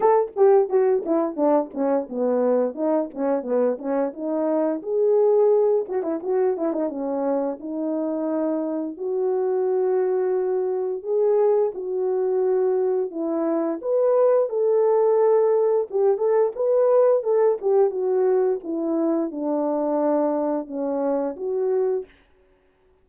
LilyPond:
\new Staff \with { instrumentName = "horn" } { \time 4/4 \tempo 4 = 87 a'8 g'8 fis'8 e'8 d'8 cis'8 b4 | dis'8 cis'8 b8 cis'8 dis'4 gis'4~ | gis'8 fis'16 e'16 fis'8 e'16 dis'16 cis'4 dis'4~ | dis'4 fis'2. |
gis'4 fis'2 e'4 | b'4 a'2 g'8 a'8 | b'4 a'8 g'8 fis'4 e'4 | d'2 cis'4 fis'4 | }